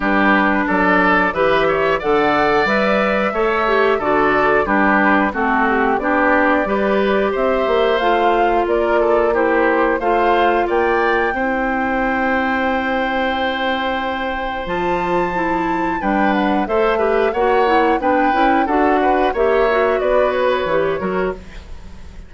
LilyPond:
<<
  \new Staff \with { instrumentName = "flute" } { \time 4/4 \tempo 4 = 90 b'4 d''4 e''4 fis''4 | e''2 d''4 b'4 | a'8 g'8 d''2 e''4 | f''4 d''4 c''4 f''4 |
g''1~ | g''2 a''2 | g''8 fis''8 e''4 fis''4 g''4 | fis''4 e''4 d''8 cis''4. | }
  \new Staff \with { instrumentName = "oboe" } { \time 4/4 g'4 a'4 b'8 cis''8 d''4~ | d''4 cis''4 a'4 g'4 | fis'4 g'4 b'4 c''4~ | c''4 ais'8 a'8 g'4 c''4 |
d''4 c''2.~ | c''1 | b'4 c''8 b'8 cis''4 b'4 | a'8 b'8 cis''4 b'4. ais'8 | }
  \new Staff \with { instrumentName = "clarinet" } { \time 4/4 d'2 g'4 a'4 | b'4 a'8 g'8 fis'4 d'4 | c'4 d'4 g'2 | f'2 e'4 f'4~ |
f'4 e'2.~ | e'2 f'4 e'4 | d'4 a'8 g'8 fis'8 e'8 d'8 e'8 | fis'4 g'8 fis'4. g'8 fis'8 | }
  \new Staff \with { instrumentName = "bassoon" } { \time 4/4 g4 fis4 e4 d4 | g4 a4 d4 g4 | a4 b4 g4 c'8 ais8 | a4 ais2 a4 |
ais4 c'2.~ | c'2 f2 | g4 a4 ais4 b8 cis'8 | d'4 ais4 b4 e8 fis8 | }
>>